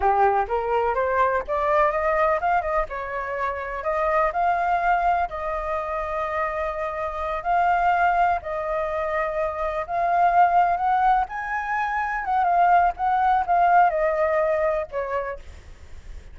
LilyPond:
\new Staff \with { instrumentName = "flute" } { \time 4/4 \tempo 4 = 125 g'4 ais'4 c''4 d''4 | dis''4 f''8 dis''8 cis''2 | dis''4 f''2 dis''4~ | dis''2.~ dis''8 f''8~ |
f''4. dis''2~ dis''8~ | dis''8 f''2 fis''4 gis''8~ | gis''4. fis''8 f''4 fis''4 | f''4 dis''2 cis''4 | }